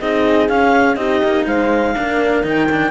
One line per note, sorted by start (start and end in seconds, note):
0.00 0.49 C4
0.00 0.50 D#4
0.00 0.97 G#4
0.00 0.49 D#5
0.49 0.97 C#4
0.49 0.96 F5
0.96 1.21 C4
0.96 1.94 D#4
0.96 1.46 G4
0.96 1.45 D#5
1.24 1.46 A#3
1.46 1.95 G#3
1.46 1.95 C5
1.46 2.45 F5
1.94 2.44 A#3
1.94 2.43 D4
1.94 2.91 A#4
2.43 2.91 D#3
2.43 2.68 D#4
2.43 2.91 G5
2.72 2.91 D4